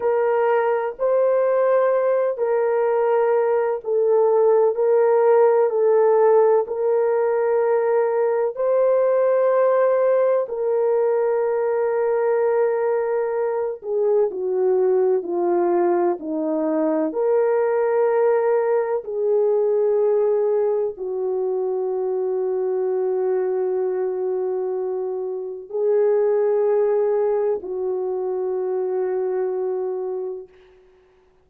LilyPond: \new Staff \with { instrumentName = "horn" } { \time 4/4 \tempo 4 = 63 ais'4 c''4. ais'4. | a'4 ais'4 a'4 ais'4~ | ais'4 c''2 ais'4~ | ais'2~ ais'8 gis'8 fis'4 |
f'4 dis'4 ais'2 | gis'2 fis'2~ | fis'2. gis'4~ | gis'4 fis'2. | }